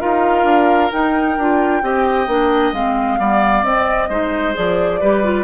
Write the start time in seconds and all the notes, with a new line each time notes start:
0.00 D#4 F4 A#4 F5
0.44 D4
0.91 D#4 G5
1.38 D4 F4
1.82 C4 G4 D#5
2.27 A#3 D4
2.73 G#3 C4 F5
3.18 G3 B3 D5
3.63 C4 D#5
4.09 G#3 D#4 C5
4.54 F3 G#4 D5
5.00 G3 G4 B4
5.24 F4